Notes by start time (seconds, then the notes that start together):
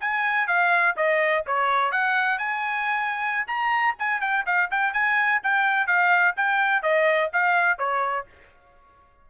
0.00 G#5
0.47 F5
0.96 D#5
1.46 C#5
1.91 F#5
2.38 G#5
3.47 A#5
3.99 G#5
4.21 G5
4.46 F5
4.71 G5
4.93 G#5
5.43 G5
5.86 F5
6.36 G5
6.82 D#5
7.33 F5
7.78 C#5